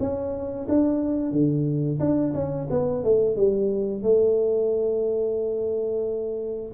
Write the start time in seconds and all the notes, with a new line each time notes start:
0.00 C#4
0.69 D4
1.32 D3
2.00 D4
2.35 C#4
2.71 B3
3.04 A3
3.37 G3
4.03 A3